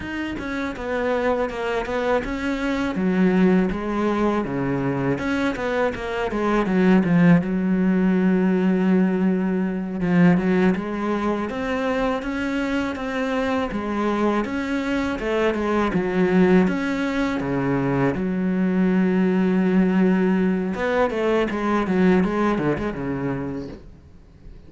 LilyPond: \new Staff \with { instrumentName = "cello" } { \time 4/4 \tempo 4 = 81 dis'8 cis'8 b4 ais8 b8 cis'4 | fis4 gis4 cis4 cis'8 b8 | ais8 gis8 fis8 f8 fis2~ | fis4. f8 fis8 gis4 c'8~ |
c'8 cis'4 c'4 gis4 cis'8~ | cis'8 a8 gis8 fis4 cis'4 cis8~ | cis8 fis2.~ fis8 | b8 a8 gis8 fis8 gis8 d16 gis16 cis4 | }